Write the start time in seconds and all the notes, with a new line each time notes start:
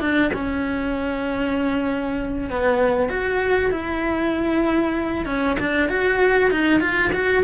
0.00 D4
0.33 C#4
2.50 B3
3.09 F#4
3.71 E4
5.25 C#4
5.59 D4
5.89 F#4
6.51 D#4
6.80 F4
7.12 F#4